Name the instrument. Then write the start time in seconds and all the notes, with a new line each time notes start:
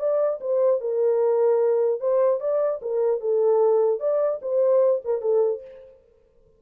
horn
0.00 D5
0.41 C5
0.81 A#4
2.01 C5
2.41 D5
2.82 A#4
3.21 A4
4.00 D5
4.42 C5
5.05 A#4
5.22 A4